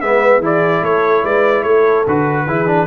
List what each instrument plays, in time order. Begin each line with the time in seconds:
0.00 tuba G#3, trombone B3, horn B4, trumpet E5
0.39 tuba E3, trombone E4, horn G#4, trumpet D5
0.82 tuba A3, horn A4, trumpet C#5
1.24 tuba G#3, horn B4, trumpet D5
1.62 tuba A3, horn A4, trumpet C#5
2.06 tuba D3, trombone F#4, trumpet B4
2.46 tuba E3, trombone E4, horn G#4
2.67 trombone D4